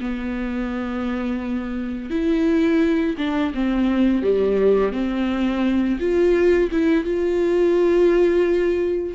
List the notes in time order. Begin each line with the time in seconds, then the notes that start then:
0.00 B3
2.10 E4
3.18 D4
3.54 C4
4.23 G3
4.93 C4
6.00 F4
6.72 E4
7.04 F4